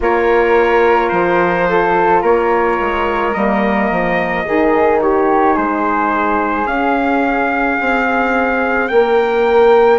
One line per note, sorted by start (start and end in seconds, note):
0.00 1.11 A#3
0.00 3.31 F4
0.00 1.68 A#4
0.00 1.09 C#5
1.09 2.22 F3
1.09 2.20 C5
1.69 2.22 A4
2.22 2.78 A#3
2.22 4.44 A#4
2.22 3.33 C#5
2.80 3.35 G#3
3.33 3.91 G3
3.33 4.44 A#3
3.33 4.99 D#5
3.91 4.45 F3
4.44 5.56 D#3
4.44 6.66 D#4
4.44 5.00 G#4
5.01 5.54 G4
5.01 5.57 C#5
5.54 6.66 G#3
5.54 8.87 G#4
5.54 6.66 C5
6.66 7.77 C#4
6.66 9.99 C#4
6.66 8.88 F5
7.80 8.91 C4
8.88 9.99 A#3
8.88 9.99 A#4
8.88 9.99 G5